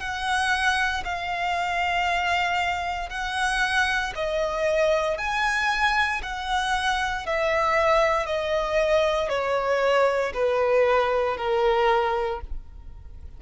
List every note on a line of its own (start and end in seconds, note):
0.00 1.03 F#5
1.04 3.09 F5
3.09 4.13 F#5
4.15 5.18 D#5
5.18 6.21 G#5
6.23 7.26 F#5
7.26 8.26 E5
8.26 9.29 D#5
9.29 10.33 C#5
10.34 11.37 B4
11.37 12.40 A#4